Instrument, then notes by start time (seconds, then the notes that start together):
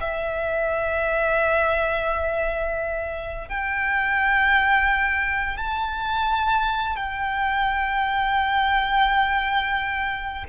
violin
0.00 E5
3.48 G5
5.57 A5
6.96 G5